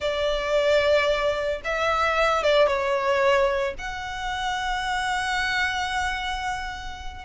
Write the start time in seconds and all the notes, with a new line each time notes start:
0.00 D5
1.64 E5
2.43 D5
2.67 C#5
3.78 F#5